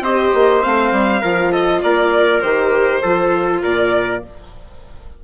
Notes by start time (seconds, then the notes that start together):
0.00 C4 G4 C5 D#5
0.34 A#3
0.62 A3 C4 F5
0.91 G3
1.21 F3 F4 A#4
1.51 A4 D#5
1.82 A#3 A#4 D5
2.41 D#3 G4 C5
3.02 F3 F4 A4
3.62 A#2 A#4 D5